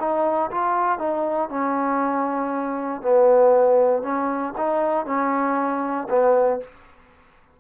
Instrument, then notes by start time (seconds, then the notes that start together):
trombone
0.00 D#4
0.51 F4
0.99 D#4
1.49 C#4
3.02 B3
4.03 C#4
4.57 D#4
5.06 C#4
6.09 B3